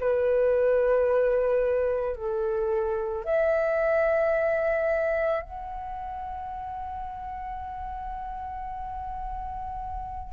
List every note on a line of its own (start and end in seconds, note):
0.00 2.16 B4
2.16 3.25 A4
3.25 5.42 E5
5.42 10.33 F#5